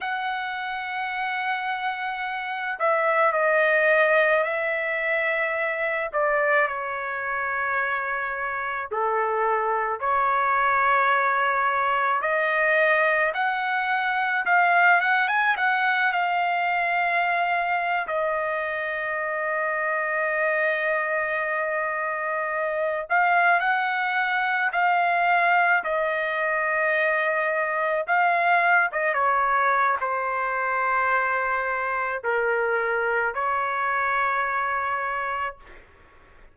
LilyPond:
\new Staff \with { instrumentName = "trumpet" } { \time 4/4 \tempo 4 = 54 fis''2~ fis''8 e''8 dis''4 | e''4. d''8 cis''2 | a'4 cis''2 dis''4 | fis''4 f''8 fis''16 gis''16 fis''8 f''4.~ |
f''16 dis''2.~ dis''8.~ | dis''8. f''8 fis''4 f''4 dis''8.~ | dis''4~ dis''16 f''8. dis''16 cis''8. c''4~ | c''4 ais'4 cis''2 | }